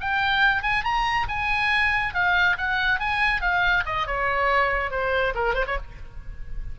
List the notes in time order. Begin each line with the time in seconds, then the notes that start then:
0.00 G5
0.62 G#5
0.84 A#5
1.28 G#5
2.14 F5
2.57 F#5
2.99 G#5
3.41 F5
3.85 D#5
4.06 C#5
4.90 C5
5.34 A#4
5.54 C5
5.66 C#5